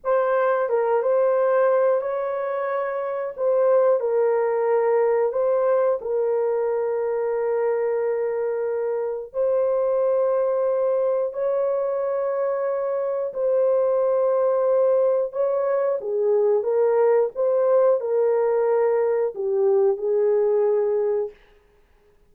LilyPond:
\new Staff \with { instrumentName = "horn" } { \time 4/4 \tempo 4 = 90 c''4 ais'8 c''4. cis''4~ | cis''4 c''4 ais'2 | c''4 ais'2.~ | ais'2 c''2~ |
c''4 cis''2. | c''2. cis''4 | gis'4 ais'4 c''4 ais'4~ | ais'4 g'4 gis'2 | }